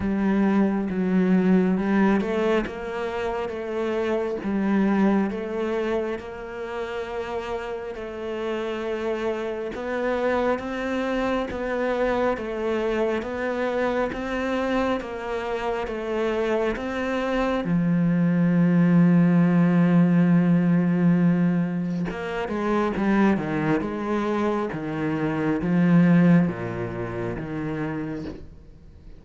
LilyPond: \new Staff \with { instrumentName = "cello" } { \time 4/4 \tempo 4 = 68 g4 fis4 g8 a8 ais4 | a4 g4 a4 ais4~ | ais4 a2 b4 | c'4 b4 a4 b4 |
c'4 ais4 a4 c'4 | f1~ | f4 ais8 gis8 g8 dis8 gis4 | dis4 f4 ais,4 dis4 | }